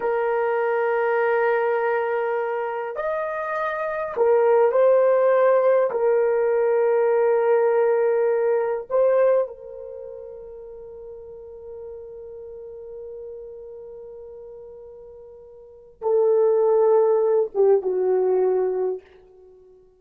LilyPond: \new Staff \with { instrumentName = "horn" } { \time 4/4 \tempo 4 = 101 ais'1~ | ais'4 dis''2 ais'4 | c''2 ais'2~ | ais'2. c''4 |
ais'1~ | ais'1~ | ais'2. a'4~ | a'4. g'8 fis'2 | }